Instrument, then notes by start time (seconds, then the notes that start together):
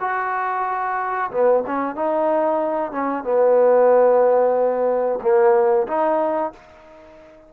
trombone
0.00 F#4
1.31 B3
1.66 C#4
1.95 D#4
2.91 C#4
3.23 B3
5.22 A#3
5.87 D#4